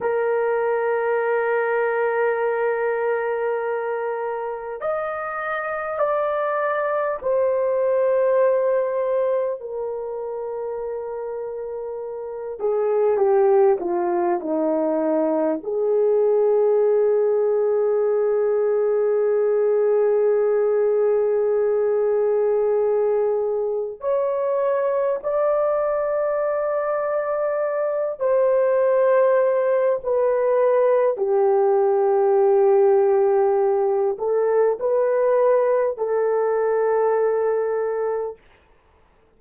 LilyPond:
\new Staff \with { instrumentName = "horn" } { \time 4/4 \tempo 4 = 50 ais'1 | dis''4 d''4 c''2 | ais'2~ ais'8 gis'8 g'8 f'8 | dis'4 gis'2.~ |
gis'1 | cis''4 d''2~ d''8 c''8~ | c''4 b'4 g'2~ | g'8 a'8 b'4 a'2 | }